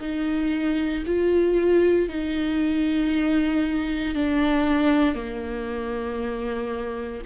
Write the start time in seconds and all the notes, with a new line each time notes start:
0.00 D#4
1.06 F4
2.09 D#4
4.15 D4
5.14 A#3